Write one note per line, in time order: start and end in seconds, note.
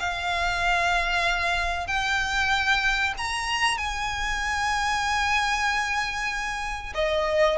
0.00 1.87 F5
1.87 3.14 G5
3.18 3.78 A#5
3.78 6.94 G#5
6.95 7.58 D#5